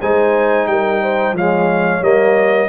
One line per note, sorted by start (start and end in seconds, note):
0.00 0.67 G#3
0.00 1.37 D#4
0.00 0.67 C5
0.00 0.67 G#5
0.67 1.33 G3
0.67 1.03 A#4
0.67 1.35 G5
1.03 1.36 C5
1.33 2.00 F3
1.33 2.02 G#3
1.33 2.69 C#5
1.33 2.04 F5
2.02 2.69 G3
2.02 2.69 A#3
2.02 2.69 D#5